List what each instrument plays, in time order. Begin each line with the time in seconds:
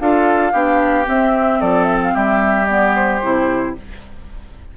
0.00 bassoon D4, clarinet F4, oboe A4, flute F5
0.53 bassoon B3, clarinet D4, oboe G4
1.05 clarinet C4, bassoon C4, flute E5
1.61 bassoon F3, oboe A4, flute D5
1.84 flute E5
2.03 flute F5
2.14 bassoon G3, oboe G4, flute E5
2.66 clarinet B3, flute D5
2.96 flute C5
3.23 bassoon C3, clarinet E4